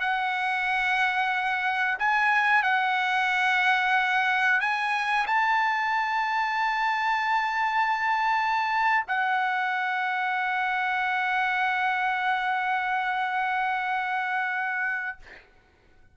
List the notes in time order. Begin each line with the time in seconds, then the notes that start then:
0.00 F#5
1.99 G#5
2.63 F#5
4.60 G#5
5.27 A5
9.08 F#5